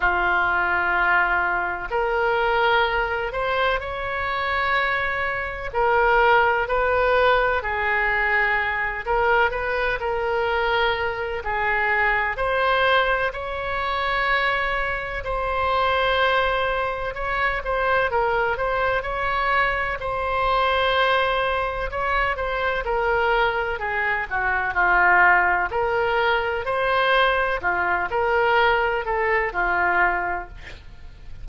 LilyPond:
\new Staff \with { instrumentName = "oboe" } { \time 4/4 \tempo 4 = 63 f'2 ais'4. c''8 | cis''2 ais'4 b'4 | gis'4. ais'8 b'8 ais'4. | gis'4 c''4 cis''2 |
c''2 cis''8 c''8 ais'8 c''8 | cis''4 c''2 cis''8 c''8 | ais'4 gis'8 fis'8 f'4 ais'4 | c''4 f'8 ais'4 a'8 f'4 | }